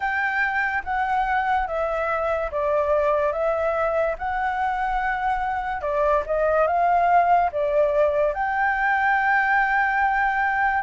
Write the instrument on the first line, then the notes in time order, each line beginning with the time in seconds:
flute
0.00 G5
0.84 F#5
1.67 E5
2.51 D5
3.32 E5
4.18 F#5
5.81 D5
6.25 D#5
6.67 F5
7.52 D5
8.33 G5